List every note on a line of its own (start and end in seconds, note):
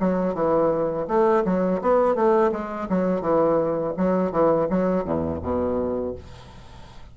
0.00 0.34 F#3
0.34 1.06 E3
1.07 1.44 A3
1.45 1.81 F#3
1.81 2.15 B3
2.15 2.51 A3
2.52 2.88 G#3
2.89 3.21 F#3
3.21 3.93 E3
3.97 4.31 F#3
4.31 4.67 E3
4.70 5.04 F#3
5.04 5.40 E2
5.42 6.14 B2